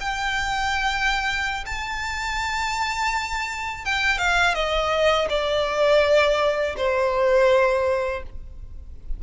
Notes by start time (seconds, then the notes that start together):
0.00 G5
1.66 A5
3.85 G5
4.18 F5
4.55 D#5
5.29 D5
6.77 C5